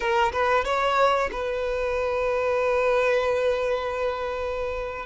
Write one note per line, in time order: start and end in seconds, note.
0.00 0.32 A#4
0.32 0.64 B4
0.64 1.30 C#5
1.32 5.05 B4